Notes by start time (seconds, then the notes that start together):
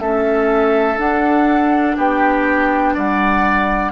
0.00 A3 C#4 A4 E5
0.97 D4 F#5
1.97 B3 G4 G5
2.94 G3 D5 F#5